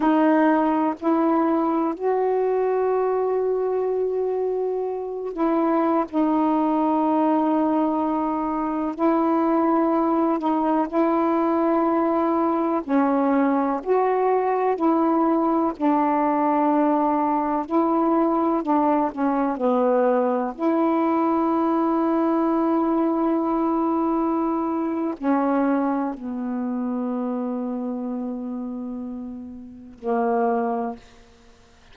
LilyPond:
\new Staff \with { instrumentName = "saxophone" } { \time 4/4 \tempo 4 = 62 dis'4 e'4 fis'2~ | fis'4. e'8. dis'4.~ dis'16~ | dis'4~ dis'16 e'4. dis'8 e'8.~ | e'4~ e'16 cis'4 fis'4 e'8.~ |
e'16 d'2 e'4 d'8 cis'16~ | cis'16 b4 e'2~ e'8.~ | e'2 cis'4 b4~ | b2. ais4 | }